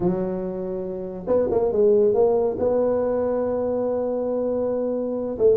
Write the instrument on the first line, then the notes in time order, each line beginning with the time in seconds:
tuba
0.00 F#3
1.27 B3
1.50 A#3
1.72 G#3
2.14 A#3
2.59 B3
5.38 A3